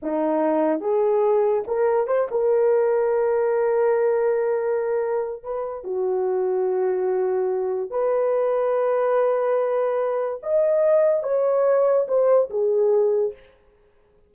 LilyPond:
\new Staff \with { instrumentName = "horn" } { \time 4/4 \tempo 4 = 144 dis'2 gis'2 | ais'4 c''8 ais'2~ ais'8~ | ais'1~ | ais'4 b'4 fis'2~ |
fis'2. b'4~ | b'1~ | b'4 dis''2 cis''4~ | cis''4 c''4 gis'2 | }